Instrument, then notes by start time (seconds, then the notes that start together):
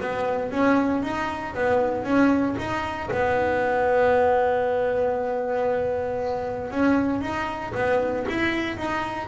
double bass
0.00 B3
0.51 C#4
1.03 D#4
1.54 B3
2.03 C#4
2.58 D#4
3.11 B3
6.70 C#4
7.21 D#4
7.74 B3
8.28 E4
8.76 D#4